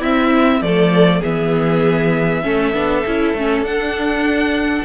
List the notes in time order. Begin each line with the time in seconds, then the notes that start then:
0.00 C4 E4 E5
0.61 F3 A3 A4 D5
1.20 E3 B3 G#4 E5
2.42 A3 C#4 A4
2.73 B3 D4
3.06 C#4 E4
3.34 A3 C#4
3.60 D4 F#5